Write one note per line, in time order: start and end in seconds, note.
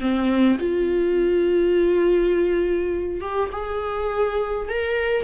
0.00 0.58 C4
0.59 3.20 F4
3.20 3.49 G4
3.52 4.68 G#4
4.68 5.24 A#4